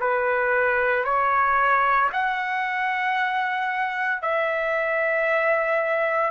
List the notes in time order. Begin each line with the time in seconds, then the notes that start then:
0.00 B4
1.04 C#5
2.12 F#5
4.22 E5